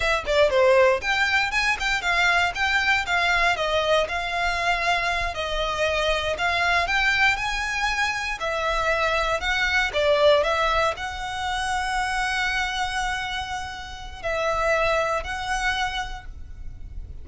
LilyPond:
\new Staff \with { instrumentName = "violin" } { \time 4/4 \tempo 4 = 118 e''8 d''8 c''4 g''4 gis''8 g''8 | f''4 g''4 f''4 dis''4 | f''2~ f''8 dis''4.~ | dis''8 f''4 g''4 gis''4.~ |
gis''8 e''2 fis''4 d''8~ | d''8 e''4 fis''2~ fis''8~ | fis''1 | e''2 fis''2 | }